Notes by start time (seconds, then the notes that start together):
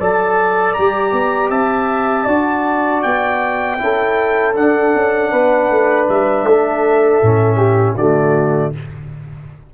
0.00 F#3 A4 D5 A5
0.74 G3 G4 A#5
1.12 B3
1.50 C4 E5 A5
2.24 D4 F#4 D5
3.02 B3 G5
3.78 C#4 E4 A4
4.56 D4 F#5
4.95 C#4
5.32 B3 B4
5.70 A3
6.09 G3 E5
6.43 A3 A4
7.22 A2 C#4
7.57 G4
7.96 D3 A3 F#4 D5